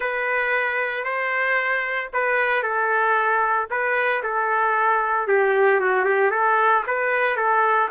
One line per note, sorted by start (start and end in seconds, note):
0.00 1.04 B4
1.04 2.09 C5
2.13 2.62 B4
2.62 3.67 A4
3.70 4.22 B4
4.23 5.27 A4
5.27 5.80 G4
5.80 6.04 F#4
6.04 6.31 G4
6.31 6.83 A4
6.87 7.36 B4
7.36 7.89 A4